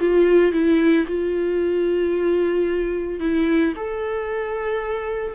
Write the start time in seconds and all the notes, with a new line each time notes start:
0.00 F4
0.52 E4
1.07 F4
3.20 E4
3.76 A4